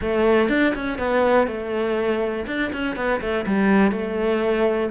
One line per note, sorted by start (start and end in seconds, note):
0.01 0.49 A3
0.49 0.73 D4
0.74 0.98 C#4
0.98 1.47 B3
1.47 2.45 A3
2.46 2.71 D4
2.73 2.96 C#4
2.96 3.20 B3
3.20 3.45 A3
3.46 3.91 G3
3.91 4.90 A3